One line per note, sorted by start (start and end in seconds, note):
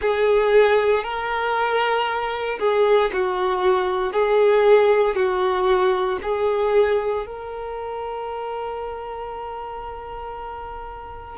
0.01 1.03 G#4
1.03 2.59 A#4
2.59 3.10 G#4
3.12 4.12 F#4
4.12 5.15 G#4
5.15 6.18 F#4
6.22 7.26 G#4
7.26 11.37 A#4